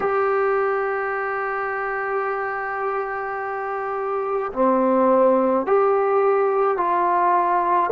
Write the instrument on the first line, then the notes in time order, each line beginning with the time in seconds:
trombone
0.00 G4
4.53 C4
5.66 G4
6.77 F4